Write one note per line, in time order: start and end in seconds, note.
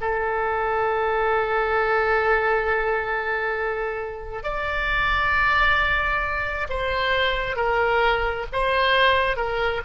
0.00 4.43 A4
4.43 6.67 D5
6.69 7.56 C5
7.56 8.45 A#4
8.52 9.36 C5
9.36 9.81 A#4